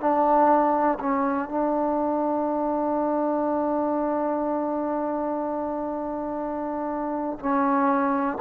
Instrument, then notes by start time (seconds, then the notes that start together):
trombone
0.00 D4
1.00 C#4
1.49 D4
7.40 C#4